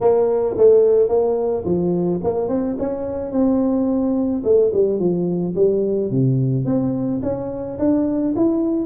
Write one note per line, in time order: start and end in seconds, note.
0.00 0.56 A#3
0.57 1.08 A3
1.08 1.64 A#3
1.65 2.20 F3
2.23 2.48 A#3
2.48 2.76 C4
2.79 3.31 C#4
3.31 4.42 C4
4.43 4.71 A3
4.73 4.98 G3
4.98 5.54 F3
5.55 6.10 G3
6.11 6.65 C3
6.65 7.20 C4
7.22 7.78 C#4
7.78 8.34 D4
8.35 8.86 E4